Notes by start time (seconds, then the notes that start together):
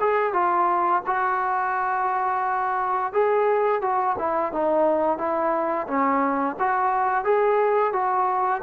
0.00 G#4
0.34 F4
1.07 F#4
3.13 G#4
3.82 F#4
4.19 E4
4.53 D#4
5.18 E4
5.87 C#4
6.60 F#4
7.25 G#4
7.93 F#4